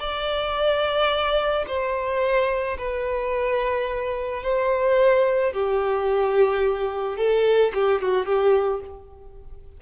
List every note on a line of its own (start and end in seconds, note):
0.00 1.65 D5
1.67 2.77 C5
2.78 4.43 B4
4.43 5.53 C5
5.53 7.17 G4
7.17 7.72 A4
7.74 8.02 G4
8.02 8.26 F#4
8.26 8.81 G4